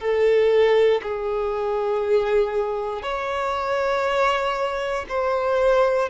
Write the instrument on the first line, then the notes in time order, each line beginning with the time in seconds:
violin
0.00 A4
1.03 G#4
3.03 C#5
5.09 C5